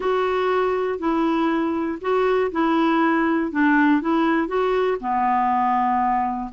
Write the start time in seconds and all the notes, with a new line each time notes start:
0.00 F#4
0.99 E4
2.01 F#4
2.51 E4
3.51 D4
4.01 E4
4.47 F#4
5.00 B3